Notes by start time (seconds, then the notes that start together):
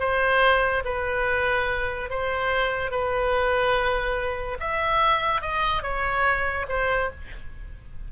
0.00 C5
0.85 B4
2.10 C5
2.91 B4
4.60 E5
5.41 D#5
5.83 C#5
6.68 C5